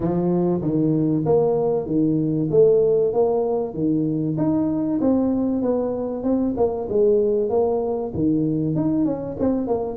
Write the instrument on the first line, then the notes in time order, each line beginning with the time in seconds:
tuba
0.00 F3
0.61 D#3
1.25 A#3
1.86 D#3
2.50 A3
3.13 A#3
3.74 D#3
4.37 D#4
5.01 C4
5.62 B3
6.23 C4
6.57 A#3
6.89 G#3
7.49 A#3
8.13 D#3
8.75 D#4
9.05 C#4
9.39 C4
9.67 A#3